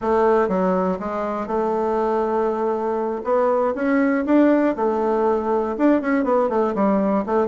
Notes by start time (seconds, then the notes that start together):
0.01 A3
0.48 F#3
0.99 G#3
1.47 A3
3.24 B3
3.75 C#4
4.25 D4
4.75 A3
5.77 D4
6.01 C#4
6.24 B3
6.49 A3
6.75 G3
7.25 A3